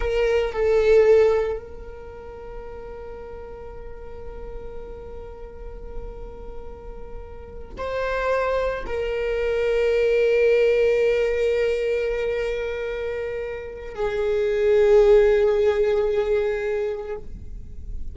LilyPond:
\new Staff \with { instrumentName = "viola" } { \time 4/4 \tempo 4 = 112 ais'4 a'2 ais'4~ | ais'1~ | ais'1~ | ais'2~ ais'8 c''4.~ |
c''8 ais'2.~ ais'8~ | ais'1~ | ais'2 gis'2~ | gis'1 | }